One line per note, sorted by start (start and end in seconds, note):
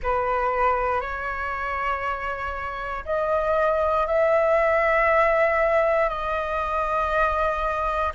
0.02 1.00 B4
1.00 3.04 C#5
3.05 4.07 D#5
4.07 6.09 E5
6.09 8.12 D#5